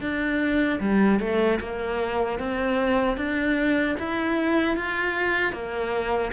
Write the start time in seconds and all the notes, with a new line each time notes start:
0.00 D4
0.80 G3
1.19 A3
1.60 A#3
2.38 C4
3.17 D4
3.99 E4
4.76 F4
5.52 A#3